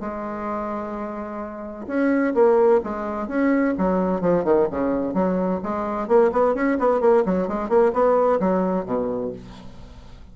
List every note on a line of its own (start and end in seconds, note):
0.00 1.86 G#3
1.87 2.33 C#4
2.34 2.80 A#3
2.83 3.27 G#3
3.27 3.74 C#4
3.78 4.21 F#3
4.21 4.44 F3
4.44 4.67 D#3
4.70 5.14 C#3
5.14 5.60 F#3
5.63 6.07 G#3
6.07 6.31 A#3
6.32 6.54 B3
6.54 6.78 C#4
6.79 7.00 B3
7.00 7.23 A#3
7.25 7.47 F#3
7.47 7.69 G#3
7.69 7.92 A#3
7.93 8.39 B3
8.40 8.85 F#3
8.85 9.32 B2